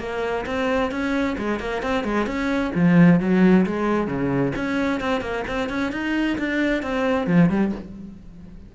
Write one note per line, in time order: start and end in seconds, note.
0.00 0.45 A#3
0.46 0.92 C4
0.92 1.37 C#4
1.38 1.60 G#3
1.60 1.83 A#3
1.83 2.04 C4
2.04 2.27 G#3
2.27 2.72 C#4
2.75 3.21 F3
3.21 3.66 F#3
3.66 4.07 G#3
4.07 4.53 C#3
4.56 5.01 C#4
5.01 5.21 C4
5.21 5.44 A#3
5.48 5.70 C4
5.70 5.93 C#4
5.93 6.38 D#4
6.39 6.83 D4
6.83 7.27 C4
7.27 7.50 F3
7.50 7.73 G3